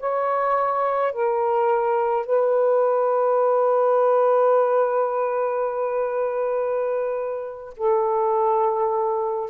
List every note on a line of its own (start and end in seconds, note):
0.00 1.13 C#5
1.13 2.26 A#4
2.26 7.74 B4
7.77 9.50 A4